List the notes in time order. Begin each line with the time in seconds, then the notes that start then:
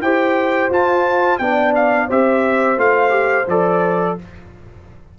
0.00 E4 G4 C5 G5
0.69 F4 A5
1.38 B3 D4 D5 G5
1.75 F5
2.08 C4 G4 C5 E5
2.77 A3 F4 F5
3.09 G4
3.47 F3 A4 D5